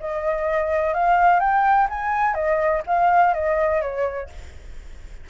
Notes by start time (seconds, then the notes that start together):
0.00 D#5
0.94 F5
1.40 G5
1.90 G#5
2.34 D#5
2.87 F5
3.34 D#5
3.82 C#5